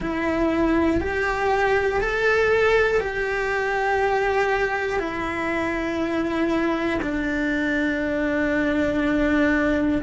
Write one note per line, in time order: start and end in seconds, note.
0.00 1.00 E4
1.00 2.00 G4
2.00 3.00 A4
3.00 4.99 G4
4.99 6.99 E4
7.01 10.01 D4